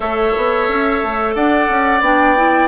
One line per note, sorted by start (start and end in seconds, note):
0.00 0.32 A3
0.00 2.01 A4
0.00 1.35 C#5
0.00 1.33 E5
0.36 0.68 B3
0.68 1.02 C#4
1.02 1.35 A3
1.34 1.69 D4
1.34 2.67 D5
1.34 2.02 F#5
1.69 2.00 C#4
2.00 2.67 B3
2.00 2.36 D4
2.00 2.67 G5
2.36 2.67 E4